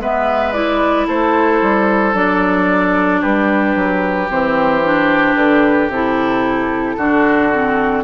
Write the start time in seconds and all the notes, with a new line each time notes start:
0.00 G#3 B3 B4 E5
0.53 E4 D5
1.08 A3 A4 C5
1.62 G3
2.14 F#3 D4 D5
3.22 G3 G4 B4
3.76 F#3
4.30 E3 C4 C5
4.85 D4
5.35 D3 B4
5.89 C3 E4 A4
6.97 D3 D4 F#4
7.53 C4